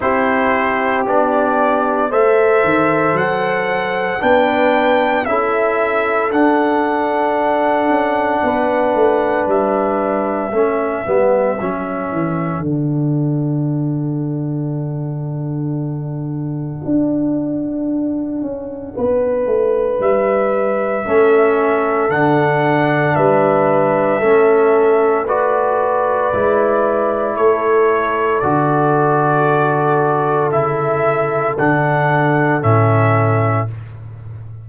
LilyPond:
<<
  \new Staff \with { instrumentName = "trumpet" } { \time 4/4 \tempo 4 = 57 c''4 d''4 e''4 fis''4 | g''4 e''4 fis''2~ | fis''4 e''2. | fis''1~ |
fis''2. e''4~ | e''4 fis''4 e''2 | d''2 cis''4 d''4~ | d''4 e''4 fis''4 e''4 | }
  \new Staff \with { instrumentName = "horn" } { \time 4/4 g'2 c''2 | b'4 a'2. | b'2 a'2~ | a'1~ |
a'2 b'2 | a'2 b'4 a'4 | b'2 a'2~ | a'1 | }
  \new Staff \with { instrumentName = "trombone" } { \time 4/4 e'4 d'4 a'2 | d'4 e'4 d'2~ | d'2 cis'8 b8 cis'4 | d'1~ |
d'1 | cis'4 d'2 cis'4 | fis'4 e'2 fis'4~ | fis'4 e'4 d'4 cis'4 | }
  \new Staff \with { instrumentName = "tuba" } { \time 4/4 c'4 b4 a8 dis8 fis4 | b4 cis'4 d'4. cis'8 | b8 a8 g4 a8 g8 fis8 e8 | d1 |
d'4. cis'8 b8 a8 g4 | a4 d4 g4 a4~ | a4 gis4 a4 d4~ | d4 cis4 d4 a,4 | }
>>